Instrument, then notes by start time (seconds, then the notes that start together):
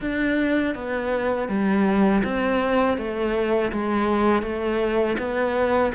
cello
0.00 D4
0.74 B3
1.48 G3
2.24 C4
2.97 A3
3.71 G#3
4.42 A3
5.18 B3